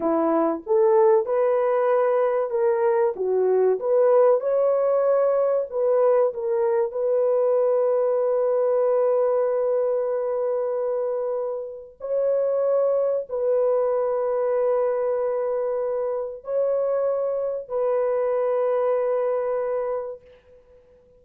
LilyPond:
\new Staff \with { instrumentName = "horn" } { \time 4/4 \tempo 4 = 95 e'4 a'4 b'2 | ais'4 fis'4 b'4 cis''4~ | cis''4 b'4 ais'4 b'4~ | b'1~ |
b'2. cis''4~ | cis''4 b'2.~ | b'2 cis''2 | b'1 | }